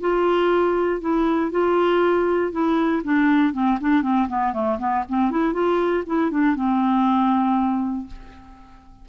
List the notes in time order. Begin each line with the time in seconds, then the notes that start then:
0.00 F4
1.00 E4
1.51 F4
2.52 E4
3.04 D4
3.53 C4
3.80 D4
4.02 C4
4.28 B3
4.53 A3
4.78 B3
5.09 C4
5.30 E4
5.53 F4
6.06 E4
6.30 D4
6.55 C4